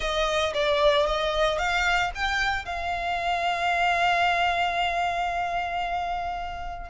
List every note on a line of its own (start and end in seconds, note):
0.00 0.53 D#5
0.53 1.06 D5
1.06 1.58 D#5
1.58 2.11 F5
2.14 2.65 G5
2.65 6.89 F5